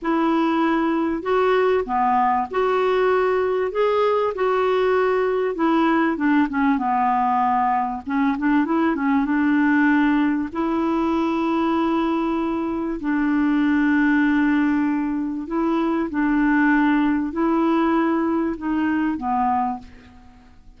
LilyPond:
\new Staff \with { instrumentName = "clarinet" } { \time 4/4 \tempo 4 = 97 e'2 fis'4 b4 | fis'2 gis'4 fis'4~ | fis'4 e'4 d'8 cis'8 b4~ | b4 cis'8 d'8 e'8 cis'8 d'4~ |
d'4 e'2.~ | e'4 d'2.~ | d'4 e'4 d'2 | e'2 dis'4 b4 | }